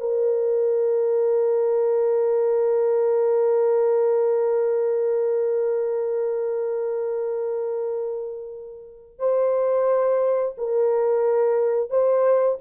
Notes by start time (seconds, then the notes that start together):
0.00 A#4
9.19 C5
10.58 A#4
11.90 C5